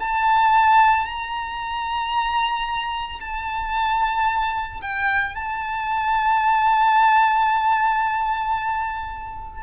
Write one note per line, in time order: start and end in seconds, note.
0.00 1.06 A5
1.06 3.20 A#5
3.20 4.81 A5
4.82 5.35 G5
5.35 9.63 A5